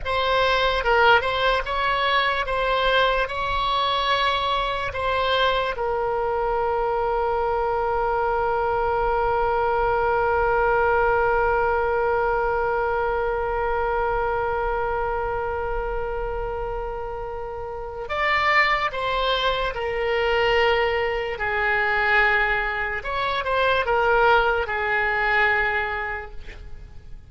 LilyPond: \new Staff \with { instrumentName = "oboe" } { \time 4/4 \tempo 4 = 73 c''4 ais'8 c''8 cis''4 c''4 | cis''2 c''4 ais'4~ | ais'1~ | ais'1~ |
ais'1~ | ais'2 d''4 c''4 | ais'2 gis'2 | cis''8 c''8 ais'4 gis'2 | }